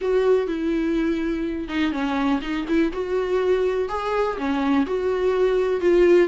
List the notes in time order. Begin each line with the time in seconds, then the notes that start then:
0.01 F#4
0.47 E4
1.68 D#4
1.92 C#4
2.41 D#4
2.67 E4
2.92 F#4
3.88 G#4
4.37 C#4
4.86 F#4
5.80 F4